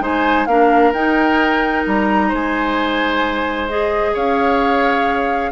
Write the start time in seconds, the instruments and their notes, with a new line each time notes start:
0.00 bassoon G#3, clarinet D#4, oboe C5, flute G#5
0.46 bassoon A#3, clarinet D4, oboe A#4, flute F5
0.93 bassoon D#4, clarinet D#4, flute G5
1.86 bassoon G3, flute A#5
2.28 bassoon G#3, oboe C5, flute G#5
3.68 clarinet G#4, flute D#5
4.13 bassoon C#4, oboe C#5, flute F5